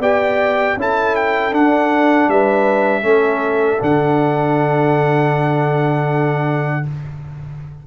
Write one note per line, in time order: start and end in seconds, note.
0.00 0.76 B3
0.00 0.78 G4
0.00 0.76 D5
0.00 0.79 G5
0.77 1.53 C#4
0.77 1.52 E4
0.77 2.31 A4
0.77 1.16 A5
1.16 1.54 G5
1.52 3.03 D4
1.52 2.28 D4
1.52 2.30 F#5
2.28 3.04 G3
2.28 3.03 B4
2.28 3.82 E5
3.03 3.80 A3
3.03 3.79 C#4
3.03 6.83 A4
3.80 6.86 D3
3.80 6.84 D4
3.80 6.87 F#5